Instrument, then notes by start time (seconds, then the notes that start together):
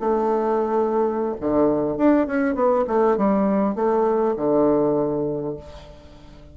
bassoon
0.00 A3
1.40 D3
1.97 D4
2.27 C#4
2.55 B3
2.87 A3
3.17 G3
3.75 A3
4.36 D3